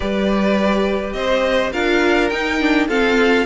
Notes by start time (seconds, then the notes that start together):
0.00 G3 G4 B4 D5
1.12 C4 C5 D#5
1.72 D4 F4 A#4 F5
2.29 D#4 G5
2.60 D4
2.88 C4 F4 A4 F5